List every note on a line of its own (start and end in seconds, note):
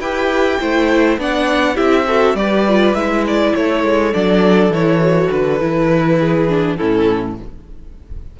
0.00 0.59 E4
0.00 0.60 G4
0.00 0.59 B4
0.00 1.18 G5
0.60 1.18 A3
0.60 1.19 E4
0.60 1.19 C5
1.18 1.77 B3
1.18 1.75 D4
1.18 1.75 D5
1.18 1.77 F#5
1.75 2.35 C4
1.75 2.04 E4
1.75 2.04 G4
1.75 2.36 E5
2.07 2.37 F#4
2.07 2.37 A4
2.35 2.93 G3
2.35 2.66 G4
2.35 3.56 B4
2.35 2.95 D5
2.68 2.96 F4
2.94 3.53 G#3
2.94 4.13 E4
2.94 3.24 E5
3.27 3.55 D5
3.55 3.84 A3
3.55 6.19 A4
3.55 4.14 C#5
3.84 4.13 G#3
4.13 4.70 F#3
4.13 4.72 D4
4.13 4.72 D5
4.70 5.29 E3
4.70 5.00 E4
4.70 5.31 C#5
5.00 5.59 F#4
5.31 5.60 D3
5.31 6.76 B4
5.60 6.78 E3
5.60 6.49 E4
6.19 6.78 G#4
6.49 6.78 D4
6.76 7.40 A2
6.76 7.37 C#4
6.76 7.37 E4
6.76 7.35 A4